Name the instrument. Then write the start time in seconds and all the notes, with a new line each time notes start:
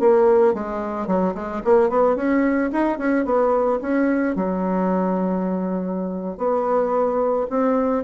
bassoon
0.00 A#3
0.54 G#3
1.07 F#3
1.35 G#3
1.64 A#3
1.89 B3
2.16 C#4
2.72 D#4
2.99 C#4
3.25 B3
3.81 C#4
4.36 F#3
6.37 B3
7.50 C4